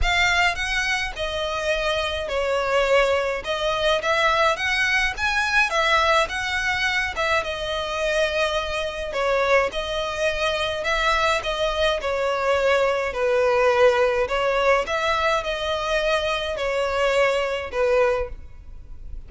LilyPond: \new Staff \with { instrumentName = "violin" } { \time 4/4 \tempo 4 = 105 f''4 fis''4 dis''2 | cis''2 dis''4 e''4 | fis''4 gis''4 e''4 fis''4~ | fis''8 e''8 dis''2. |
cis''4 dis''2 e''4 | dis''4 cis''2 b'4~ | b'4 cis''4 e''4 dis''4~ | dis''4 cis''2 b'4 | }